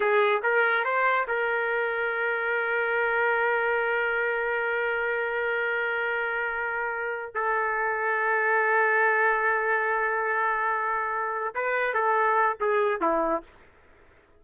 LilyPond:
\new Staff \with { instrumentName = "trumpet" } { \time 4/4 \tempo 4 = 143 gis'4 ais'4 c''4 ais'4~ | ais'1~ | ais'1~ | ais'1~ |
ais'4. a'2~ a'8~ | a'1~ | a'2.~ a'8 b'8~ | b'8 a'4. gis'4 e'4 | }